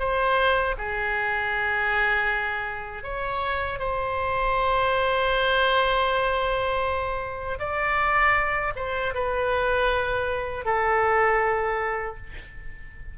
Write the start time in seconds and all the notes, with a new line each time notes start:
0.00 C5
0.78 G#4
3.04 C#5
3.79 C5
7.59 D5
8.77 C5
9.15 B4
10.65 A4